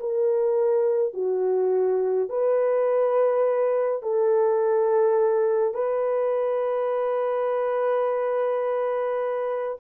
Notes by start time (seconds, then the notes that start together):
0.00 A#4
1.14 F#4
2.30 B4
4.02 A4
5.74 B4